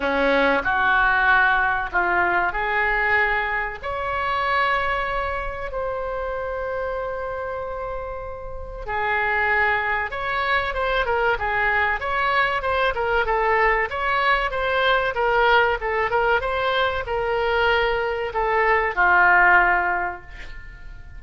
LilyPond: \new Staff \with { instrumentName = "oboe" } { \time 4/4 \tempo 4 = 95 cis'4 fis'2 f'4 | gis'2 cis''2~ | cis''4 c''2.~ | c''2 gis'2 |
cis''4 c''8 ais'8 gis'4 cis''4 | c''8 ais'8 a'4 cis''4 c''4 | ais'4 a'8 ais'8 c''4 ais'4~ | ais'4 a'4 f'2 | }